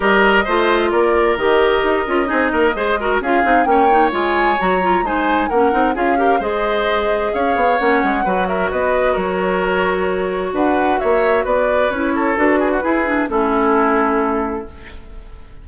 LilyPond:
<<
  \new Staff \with { instrumentName = "flute" } { \time 4/4 \tempo 4 = 131 dis''2 d''4 dis''4~ | dis''2. f''4 | g''4 gis''4 ais''4 gis''4 | fis''4 f''4 dis''2 |
f''4 fis''4. e''8 dis''4 | cis''2. fis''4 | e''4 d''4 cis''4 b'4~ | b'4 a'2. | }
  \new Staff \with { instrumentName = "oboe" } { \time 4/4 ais'4 c''4 ais'2~ | ais'4 gis'8 ais'8 c''8 ais'8 gis'4 | cis''2. c''4 | ais'4 gis'8 ais'8 c''2 |
cis''2 b'8 ais'8 b'4 | ais'2. b'4 | cis''4 b'4. a'4 gis'16 fis'16 | gis'4 e'2. | }
  \new Staff \with { instrumentName = "clarinet" } { \time 4/4 g'4 f'2 g'4~ | g'8 f'8 dis'4 gis'8 fis'8 f'8 dis'8 | cis'8 dis'8 f'4 fis'8 f'8 dis'4 | cis'8 dis'8 f'8 g'8 gis'2~ |
gis'4 cis'4 fis'2~ | fis'1~ | fis'2 e'4 fis'4 | e'8 d'8 cis'2. | }
  \new Staff \with { instrumentName = "bassoon" } { \time 4/4 g4 a4 ais4 dis4 | dis'8 cis'8 c'8 ais8 gis4 cis'8 c'8 | ais4 gis4 fis4 gis4 | ais8 c'8 cis'4 gis2 |
cis'8 b8 ais8 gis8 fis4 b4 | fis2. d'4 | ais4 b4 cis'4 d'4 | e'4 a2. | }
>>